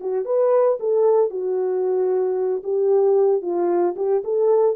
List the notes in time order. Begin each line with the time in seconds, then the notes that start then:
0.00 F#4
0.25 B4
0.80 A4
1.30 F#4
2.63 G4
3.42 F4
3.96 G4
4.24 A4